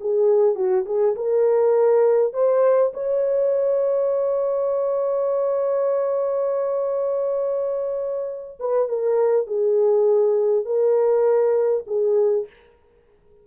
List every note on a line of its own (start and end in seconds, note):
0.00 0.55 G#4
0.55 0.85 F#4
0.85 1.15 G#4
1.15 2.33 A#4
2.33 2.92 C5
2.94 8.58 C#5
8.59 8.88 B4
8.88 9.46 A#4
9.46 10.65 G#4
10.65 11.84 A#4
11.86 12.46 G#4